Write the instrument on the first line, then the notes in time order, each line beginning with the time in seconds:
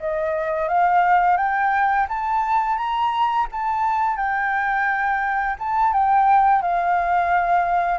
flute
0.00 D#5
0.68 F5
1.37 G5
2.09 A5
2.78 A#5
3.52 A5
4.17 G5
5.59 A5
5.93 G5
6.62 F5